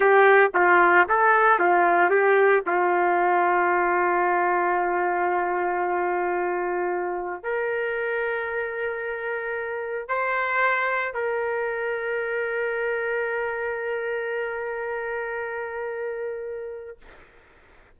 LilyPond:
\new Staff \with { instrumentName = "trumpet" } { \time 4/4 \tempo 4 = 113 g'4 f'4 a'4 f'4 | g'4 f'2.~ | f'1~ | f'2 ais'2~ |
ais'2. c''4~ | c''4 ais'2.~ | ais'1~ | ais'1 | }